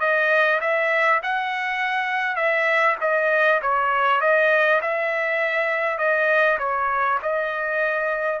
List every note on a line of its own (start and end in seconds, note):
0.00 0.60 D#5
0.60 1.20 E5
1.23 2.36 F#5
2.36 2.96 E5
3.01 3.61 D#5
3.62 4.20 C#5
4.20 4.80 D#5
4.81 5.97 E5
5.97 6.57 D#5
6.58 7.18 C#5
7.22 8.40 D#5